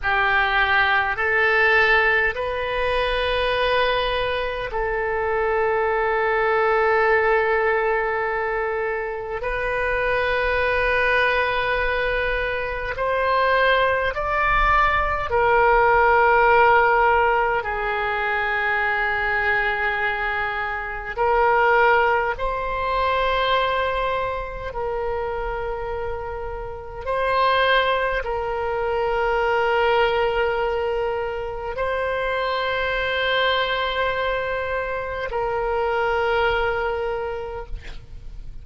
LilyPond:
\new Staff \with { instrumentName = "oboe" } { \time 4/4 \tempo 4 = 51 g'4 a'4 b'2 | a'1 | b'2. c''4 | d''4 ais'2 gis'4~ |
gis'2 ais'4 c''4~ | c''4 ais'2 c''4 | ais'2. c''4~ | c''2 ais'2 | }